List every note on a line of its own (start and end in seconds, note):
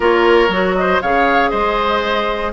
0.00 0.48 A#3
0.00 0.48 F4
0.00 0.76 A#4
0.00 0.75 C#5
0.48 0.99 F#3
0.48 1.02 F#4
0.75 1.02 C5
0.75 1.01 D#5
1.01 1.52 C#3
1.01 2.53 G#4
1.01 1.50 C#5
1.01 1.49 F5
1.49 2.53 G#3
1.49 2.52 C5
1.49 2.51 D#5